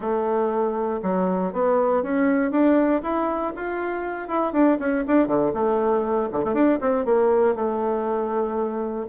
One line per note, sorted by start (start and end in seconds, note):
0.00 1.00 A3
1.02 1.52 F#3
1.52 2.02 B3
2.02 2.51 C#4
2.51 3.01 D4
3.02 3.52 E4
3.55 4.28 F4
4.28 4.52 E4
4.52 4.77 D4
4.79 5.04 C#4
5.07 5.27 D4
5.27 5.52 D3
5.53 6.29 A3
6.31 6.44 D3
6.44 6.54 A3
6.54 6.79 D4
6.80 7.05 C4
7.05 7.55 A#3
7.55 9.06 A3